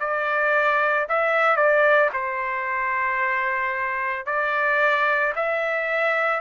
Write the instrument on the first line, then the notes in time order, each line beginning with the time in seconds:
trumpet
0.00 D5
1.09 E5
1.56 D5
2.13 C5
4.26 D5
5.36 E5